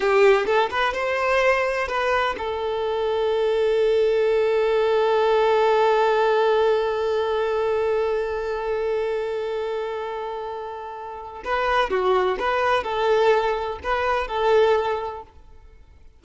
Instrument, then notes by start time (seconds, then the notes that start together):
violin
0.00 G4
0.45 A4
0.70 B4
0.93 C5
1.87 B4
2.38 A4
11.44 B4
11.89 F#4
12.39 B4
12.83 A4
13.83 B4
14.27 A4